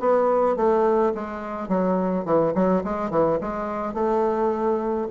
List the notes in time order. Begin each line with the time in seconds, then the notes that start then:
0.00 B3
0.57 A3
1.15 G#3
1.69 F#3
2.25 E3
2.55 F#3
2.84 G#3
3.11 E3
3.41 G#3
3.94 A3